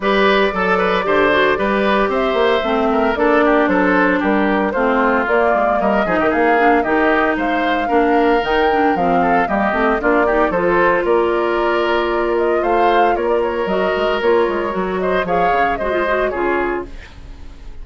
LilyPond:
<<
  \new Staff \with { instrumentName = "flute" } { \time 4/4 \tempo 4 = 114 d''1 | e''2 d''4 c''4 | ais'4 c''4 d''4 dis''4 | f''4 dis''4 f''2 |
g''4 f''4 dis''4 d''4 | c''4 d''2~ d''8 dis''8 | f''4 cis''16 d''16 cis''8 dis''4 cis''4~ | cis''8 dis''8 f''4 dis''4 cis''4 | }
  \new Staff \with { instrumentName = "oboe" } { \time 4/4 b'4 a'8 b'8 c''4 b'4 | c''4. ais'8 a'8 g'8 a'4 | g'4 f'2 ais'8 gis'16 g'16 | gis'4 g'4 c''4 ais'4~ |
ais'4. a'8 g'4 f'8 g'8 | a'4 ais'2. | c''4 ais'2.~ | ais'8 c''8 cis''4 c''4 gis'4 | }
  \new Staff \with { instrumentName = "clarinet" } { \time 4/4 g'4 a'4 g'8 fis'8 g'4~ | g'4 c'4 d'2~ | d'4 c'4 ais4. dis'8~ | dis'8 d'8 dis'2 d'4 |
dis'8 d'8 c'4 ais8 c'8 d'8 dis'8 | f'1~ | f'2 fis'4 f'4 | fis'4 gis'4 fis'16 f'16 fis'8 f'4 | }
  \new Staff \with { instrumentName = "bassoon" } { \time 4/4 g4 fis4 d4 g4 | c'8 ais8 a4 ais4 fis4 | g4 a4 ais8 gis8 g8 f16 dis16 | ais4 dis4 gis4 ais4 |
dis4 f4 g8 a8 ais4 | f4 ais2. | a4 ais4 fis8 gis8 ais8 gis8 | fis4 f8 cis8 gis4 cis4 | }
>>